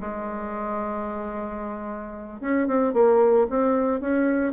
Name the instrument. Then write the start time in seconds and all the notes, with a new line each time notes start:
bassoon
0.00 G#3
2.40 C#4
2.67 C4
2.93 A#3
3.49 C4
4.00 C#4